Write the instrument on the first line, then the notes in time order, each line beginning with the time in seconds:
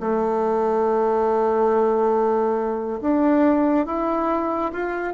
bassoon
0.00 A3
3.01 D4
3.86 E4
4.72 F4